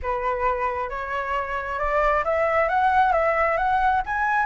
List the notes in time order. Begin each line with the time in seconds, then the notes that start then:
0.02 B4
0.89 C#5
1.79 D5
2.24 E5
2.68 F#5
3.12 E5
3.57 F#5
4.06 G#5